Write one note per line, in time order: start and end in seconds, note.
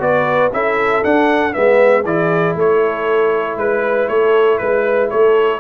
0.00 0.52 B3
0.00 0.51 F#4
0.00 0.53 B4
0.00 0.52 D5
0.53 1.03 C#4
0.53 1.04 E4
0.53 1.55 A4
0.53 1.04 E5
1.04 1.53 D4
1.04 1.55 D4
1.04 1.54 F#5
1.53 2.05 G#3
1.53 2.04 B3
1.53 2.06 B4
1.53 2.05 E5
2.05 2.56 E3
2.05 5.61 E4
2.05 2.57 G#4
2.05 2.57 D5
2.56 3.57 A3
2.56 3.60 A4
2.56 3.58 C#5
3.57 4.08 G#3
3.57 4.09 B4
3.57 4.10 B4
4.09 4.60 A3
4.09 4.60 A4
4.09 4.58 C#5
4.58 5.12 G#3
4.58 5.09 B4
4.58 5.11 B4
5.10 5.61 A3
5.10 5.61 A4
5.10 5.61 C#5